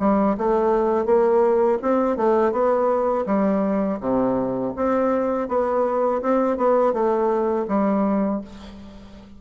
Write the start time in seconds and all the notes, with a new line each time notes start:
0.00 G3
0.38 A3
1.06 A#3
1.82 C4
2.17 A3
2.52 B3
3.26 G3
4.01 C3
4.76 C4
5.49 B3
6.23 C4
6.58 B3
6.93 A3
7.68 G3